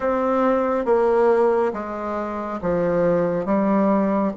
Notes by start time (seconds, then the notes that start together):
0.00 C4
0.85 A#3
1.73 G#3
2.61 F3
3.45 G3